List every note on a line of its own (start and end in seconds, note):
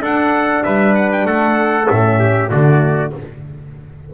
0.00 1.86 D4
0.00 0.63 D4
0.00 0.64 A4
0.00 0.64 F#5
0.64 1.26 G3
0.64 1.27 B4
0.64 0.95 E5
0.95 1.11 F#5
1.12 1.27 G5
1.26 1.87 A3
1.26 2.20 A4
1.26 1.89 F#5
1.89 2.51 A2
1.89 2.51 C#4
1.89 2.51 E5
2.20 2.50 G4
2.50 3.13 D3
2.50 3.14 A3
2.50 3.12 F#4
2.50 3.13 D5